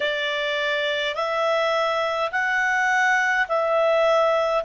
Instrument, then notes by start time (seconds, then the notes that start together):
clarinet
0.00 D5
1.15 E5
2.31 F#5
3.48 E5